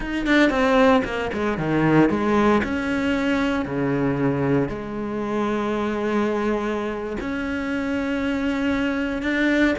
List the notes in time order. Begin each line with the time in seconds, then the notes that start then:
0.00 D#4
0.26 D4
0.50 C4
1.04 A#3
1.33 G#3
1.58 D#3
2.09 G#3
2.63 C#4
3.65 C#3
4.69 G#3
7.20 C#4
9.22 D4